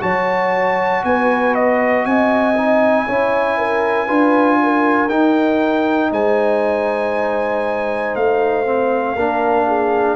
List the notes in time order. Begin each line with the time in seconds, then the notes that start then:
0.00 F#3 F#4 C#5 A5
1.04 B3 B4 G#5
1.54 D#5
2.05 C4 D#5 G#5
2.57 D#4
3.07 C#4 E4 C#5
3.57 A#4
4.06 D4 F4 B4
4.63 A#4
5.09 D#4 G5
6.11 G#3 C5 G#5
8.15 A3 F5
8.65 C4
9.14 A#3 D4 A#4
9.67 G#4